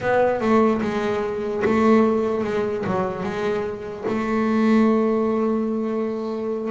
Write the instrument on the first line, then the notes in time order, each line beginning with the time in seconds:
double bass
0.00 B3
0.41 A3
0.81 G#3
1.64 A3
2.44 G#3
2.86 F#3
3.23 G#3
4.08 A3